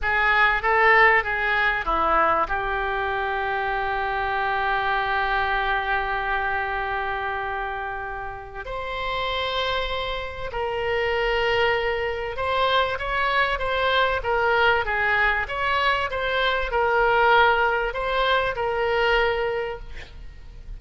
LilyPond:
\new Staff \with { instrumentName = "oboe" } { \time 4/4 \tempo 4 = 97 gis'4 a'4 gis'4 e'4 | g'1~ | g'1~ | g'2 c''2~ |
c''4 ais'2. | c''4 cis''4 c''4 ais'4 | gis'4 cis''4 c''4 ais'4~ | ais'4 c''4 ais'2 | }